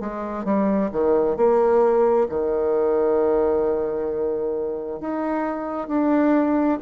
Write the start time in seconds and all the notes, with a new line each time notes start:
0.00 G#3
0.45 G3
0.92 D#3
1.36 A#3
2.29 D#3
5.00 D#4
5.88 D4